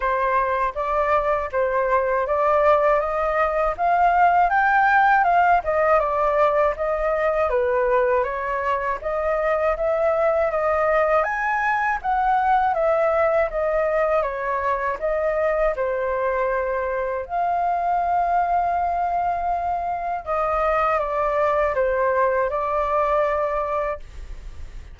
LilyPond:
\new Staff \with { instrumentName = "flute" } { \time 4/4 \tempo 4 = 80 c''4 d''4 c''4 d''4 | dis''4 f''4 g''4 f''8 dis''8 | d''4 dis''4 b'4 cis''4 | dis''4 e''4 dis''4 gis''4 |
fis''4 e''4 dis''4 cis''4 | dis''4 c''2 f''4~ | f''2. dis''4 | d''4 c''4 d''2 | }